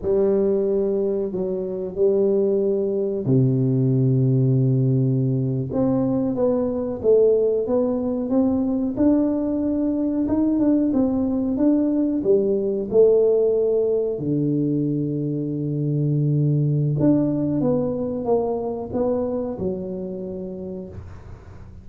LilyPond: \new Staff \with { instrumentName = "tuba" } { \time 4/4 \tempo 4 = 92 g2 fis4 g4~ | g4 c2.~ | c8. c'4 b4 a4 b16~ | b8. c'4 d'2 dis'16~ |
dis'16 d'8 c'4 d'4 g4 a16~ | a4.~ a16 d2~ d16~ | d2 d'4 b4 | ais4 b4 fis2 | }